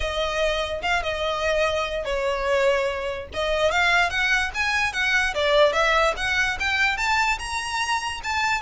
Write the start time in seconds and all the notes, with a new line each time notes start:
0.00 D#5
0.82 F5
1.03 D#5
2.05 C#5
3.33 D#5
3.71 F5
4.09 F#5
4.54 G#5
4.92 F#5
5.34 D5
5.73 E5
6.16 F#5
6.59 G5
6.97 A5
7.38 A#5
8.23 A5